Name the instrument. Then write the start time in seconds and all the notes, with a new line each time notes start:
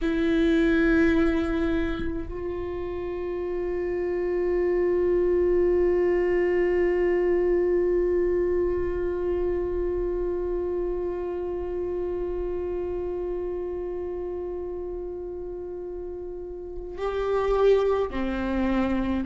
viola
0.01 E4
2.28 F4
16.97 G4
18.10 C4